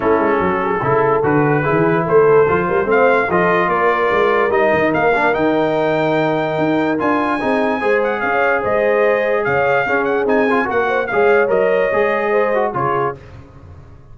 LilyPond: <<
  \new Staff \with { instrumentName = "trumpet" } { \time 4/4 \tempo 4 = 146 a'2. b'4~ | b'4 c''2 f''4 | dis''4 d''2 dis''4 | f''4 g''2.~ |
g''4 gis''2~ gis''8 fis''8 | f''4 dis''2 f''4~ | f''8 fis''8 gis''4 fis''4 f''4 | dis''2. cis''4 | }
  \new Staff \with { instrumentName = "horn" } { \time 4/4 e'4 fis'8 gis'8 a'2 | gis'4 a'4. ais'8 c''4 | a'4 ais'2.~ | ais'1~ |
ais'2 gis'4 c''4 | cis''4 c''2 cis''4 | gis'2 ais'8 c''8 cis''4~ | cis''2 c''4 gis'4 | }
  \new Staff \with { instrumentName = "trombone" } { \time 4/4 cis'2 e'4 fis'4 | e'2 f'4 c'4 | f'2. dis'4~ | dis'8 d'8 dis'2.~ |
dis'4 f'4 dis'4 gis'4~ | gis'1 | cis'4 dis'8 f'8 fis'4 gis'4 | ais'4 gis'4. fis'8 f'4 | }
  \new Staff \with { instrumentName = "tuba" } { \time 4/4 a8 gis8 fis4 cis4 d4 | e4 a4 f8 g8 a4 | f4 ais4 gis4 g8 dis8 | ais4 dis2. |
dis'4 d'4 c'4 gis4 | cis'4 gis2 cis4 | cis'4 c'4 ais4 gis4 | fis4 gis2 cis4 | }
>>